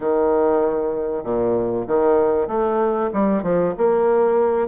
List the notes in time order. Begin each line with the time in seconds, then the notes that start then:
0.00 D#3
1.23 A#2
1.87 D#3
2.47 A3
3.12 G3
3.43 F3
3.77 A#3